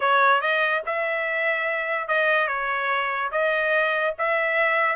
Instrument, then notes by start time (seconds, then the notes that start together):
trumpet
0.00 C#5
0.41 D#5
0.86 E5
2.08 D#5
2.47 C#5
3.31 D#5
4.18 E5